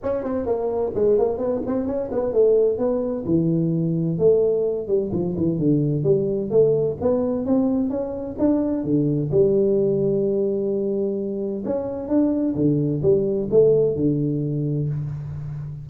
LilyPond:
\new Staff \with { instrumentName = "tuba" } { \time 4/4 \tempo 4 = 129 cis'8 c'8 ais4 gis8 ais8 b8 c'8 | cis'8 b8 a4 b4 e4~ | e4 a4. g8 f8 e8 | d4 g4 a4 b4 |
c'4 cis'4 d'4 d4 | g1~ | g4 cis'4 d'4 d4 | g4 a4 d2 | }